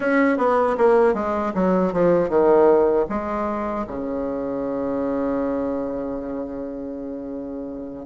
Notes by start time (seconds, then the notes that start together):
0.00 C#4
0.37 B3
0.77 A#3
1.14 G#3
1.54 F#3
1.92 F3
2.29 D#3
3.09 G#3
3.87 C#3